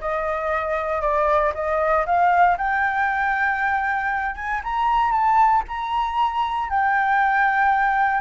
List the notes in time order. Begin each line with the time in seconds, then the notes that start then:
0.00 D#5
1.01 D5
1.54 D#5
2.06 F5
2.57 G5
4.35 G#5
4.63 A#5
5.11 A5
5.68 A#5
6.69 G5